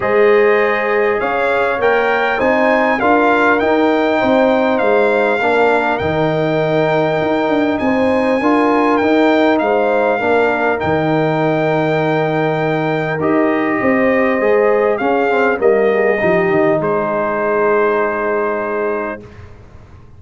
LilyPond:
<<
  \new Staff \with { instrumentName = "trumpet" } { \time 4/4 \tempo 4 = 100 dis''2 f''4 g''4 | gis''4 f''4 g''2 | f''2 g''2~ | g''4 gis''2 g''4 |
f''2 g''2~ | g''2 dis''2~ | dis''4 f''4 dis''2 | c''1 | }
  \new Staff \with { instrumentName = "horn" } { \time 4/4 c''2 cis''2 | c''4 ais'2 c''4~ | c''4 ais'2.~ | ais'4 c''4 ais'2 |
c''4 ais'2.~ | ais'2. c''4~ | c''4 gis'4 ais'8 gis'8 g'4 | gis'1 | }
  \new Staff \with { instrumentName = "trombone" } { \time 4/4 gis'2. ais'4 | dis'4 f'4 dis'2~ | dis'4 d'4 dis'2~ | dis'2 f'4 dis'4~ |
dis'4 d'4 dis'2~ | dis'2 g'2 | gis'4 cis'8 c'8 ais4 dis'4~ | dis'1 | }
  \new Staff \with { instrumentName = "tuba" } { \time 4/4 gis2 cis'4 ais4 | c'4 d'4 dis'4 c'4 | gis4 ais4 dis2 | dis'8 d'8 c'4 d'4 dis'4 |
gis4 ais4 dis2~ | dis2 dis'4 c'4 | gis4 cis'4 g4 f8 dis8 | gis1 | }
>>